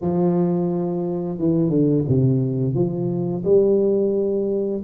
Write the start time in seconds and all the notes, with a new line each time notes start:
0.01 F3
1.38 E3
1.69 D3
2.08 C3
2.74 F3
3.44 G3